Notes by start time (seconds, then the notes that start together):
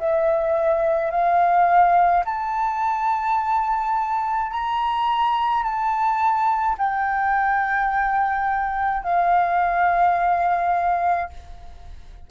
0.00 E5
1.11 F5
2.26 A5
4.52 A#5
5.63 A5
6.78 G5
9.04 F5